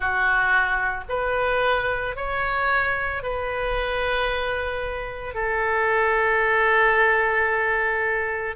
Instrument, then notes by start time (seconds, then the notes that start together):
oboe
0.00 F#4
1.09 B4
2.15 C#5
3.22 B4
5.34 A4